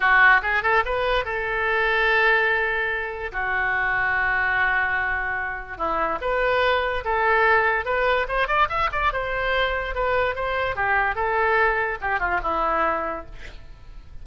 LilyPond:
\new Staff \with { instrumentName = "oboe" } { \time 4/4 \tempo 4 = 145 fis'4 gis'8 a'8 b'4 a'4~ | a'1 | fis'1~ | fis'2 e'4 b'4~ |
b'4 a'2 b'4 | c''8 d''8 e''8 d''8 c''2 | b'4 c''4 g'4 a'4~ | a'4 g'8 f'8 e'2 | }